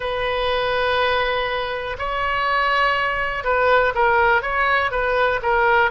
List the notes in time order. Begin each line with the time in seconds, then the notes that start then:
0.00 B4
1.98 C#5
3.43 B4
3.94 A#4
4.42 C#5
4.91 B4
5.42 A#4